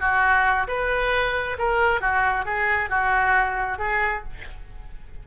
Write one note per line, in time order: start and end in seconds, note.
0.00 0.67 F#4
0.68 1.58 B4
1.58 2.01 A#4
2.01 2.45 F#4
2.45 2.90 G#4
2.90 3.79 F#4
3.79 4.23 G#4